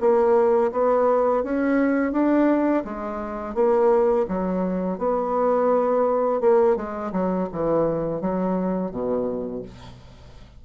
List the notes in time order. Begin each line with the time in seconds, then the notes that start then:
0.00 A#3
0.72 B3
1.43 C#4
2.12 D4
2.84 G#3
3.54 A#3
4.28 F#3
4.98 B3
6.40 A#3
6.76 G#3
7.12 F#3
7.52 E3
8.21 F#3
8.91 B2